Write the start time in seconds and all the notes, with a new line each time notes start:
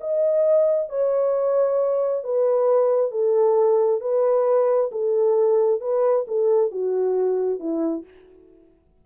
0.00 D#5
0.89 C#5
2.23 B4
3.11 A4
4.01 B4
4.92 A4
5.80 B4
6.27 A4
6.71 F#4
7.59 E4